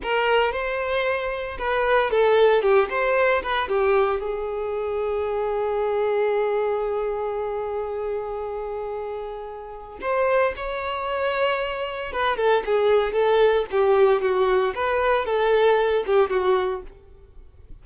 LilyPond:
\new Staff \with { instrumentName = "violin" } { \time 4/4 \tempo 4 = 114 ais'4 c''2 b'4 | a'4 g'8 c''4 b'8 g'4 | gis'1~ | gis'1~ |
gis'2. c''4 | cis''2. b'8 a'8 | gis'4 a'4 g'4 fis'4 | b'4 a'4. g'8 fis'4 | }